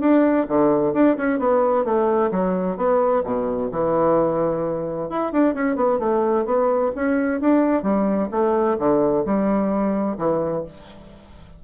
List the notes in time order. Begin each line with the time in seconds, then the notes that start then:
0.00 D4
0.48 D3
0.93 D4
1.17 C#4
1.39 B3
1.84 A3
2.31 F#3
2.77 B3
3.23 B2
3.71 E3
5.09 E4
5.32 D4
5.54 C#4
5.76 B3
5.99 A3
6.45 B3
6.95 C#4
7.40 D4
7.83 G3
8.31 A3
8.79 D3
9.25 G3
10.18 E3